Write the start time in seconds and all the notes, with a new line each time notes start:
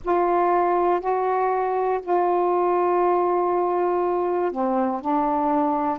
0.04 F4
1.00 F#4
2.02 F4
4.51 C4
5.01 D4